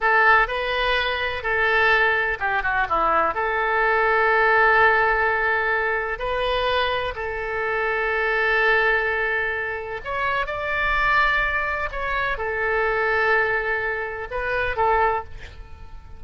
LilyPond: \new Staff \with { instrumentName = "oboe" } { \time 4/4 \tempo 4 = 126 a'4 b'2 a'4~ | a'4 g'8 fis'8 e'4 a'4~ | a'1~ | a'4 b'2 a'4~ |
a'1~ | a'4 cis''4 d''2~ | d''4 cis''4 a'2~ | a'2 b'4 a'4 | }